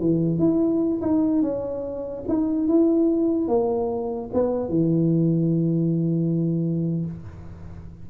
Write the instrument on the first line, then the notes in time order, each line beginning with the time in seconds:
tuba
0.00 E3
0.38 E4
1.01 D#4
1.42 C#4
2.28 D#4
2.68 E4
3.48 A#3
4.33 B3
4.69 E3